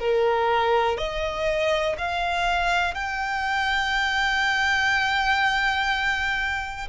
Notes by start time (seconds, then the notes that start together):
0.00 A#4
0.98 D#5
1.98 F5
2.95 G5